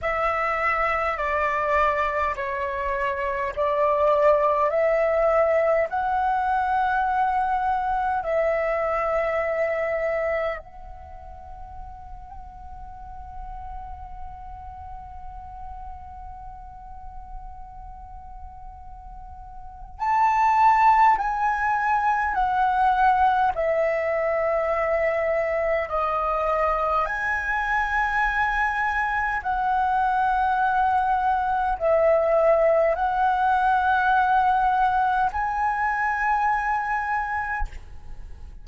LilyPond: \new Staff \with { instrumentName = "flute" } { \time 4/4 \tempo 4 = 51 e''4 d''4 cis''4 d''4 | e''4 fis''2 e''4~ | e''4 fis''2.~ | fis''1~ |
fis''4 a''4 gis''4 fis''4 | e''2 dis''4 gis''4~ | gis''4 fis''2 e''4 | fis''2 gis''2 | }